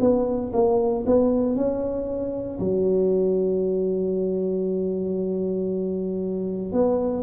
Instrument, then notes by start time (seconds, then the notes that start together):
tuba
0.00 B3
0.53 A#3
1.06 B3
1.56 C#4
2.60 F#3
6.72 B3